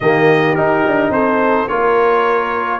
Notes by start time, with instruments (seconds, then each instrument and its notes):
0.00 tuba D#3, trombone A#3, horn G4, trumpet D#5
0.55 trombone D#4, tuba D#4, trumpet A#4
0.86 tuba D4
1.09 tuba C4, horn A4, trumpet C5
1.68 tuba A#3, trombone F4, horn A#4, trumpet C#5